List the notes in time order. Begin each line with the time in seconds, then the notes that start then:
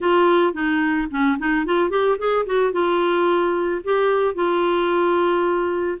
0.00 F4
0.53 D#4
1.11 C#4
1.38 D#4
1.65 F4
1.90 G4
2.18 G#4
2.45 F#4
2.72 F4
3.83 G4
4.34 F4